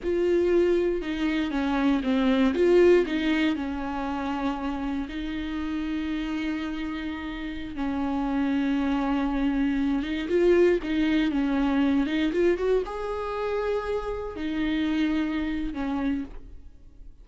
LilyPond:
\new Staff \with { instrumentName = "viola" } { \time 4/4 \tempo 4 = 118 f'2 dis'4 cis'4 | c'4 f'4 dis'4 cis'4~ | cis'2 dis'2~ | dis'2.~ dis'16 cis'8.~ |
cis'2.~ cis'8. dis'16~ | dis'16 f'4 dis'4 cis'4. dis'16~ | dis'16 f'8 fis'8 gis'2~ gis'8.~ | gis'16 dis'2~ dis'8. cis'4 | }